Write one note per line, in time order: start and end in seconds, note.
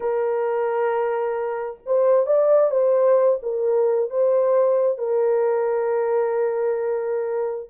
0.00 1.79 A#4
1.86 2.26 C5
2.26 2.70 D5
2.70 3.38 C5
3.42 4.10 A#4
4.10 4.98 C5
4.98 7.70 A#4